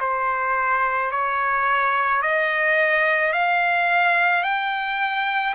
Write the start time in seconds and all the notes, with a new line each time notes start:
0.00 C5
1.11 C#5
2.22 D#5
3.33 F5
4.43 G5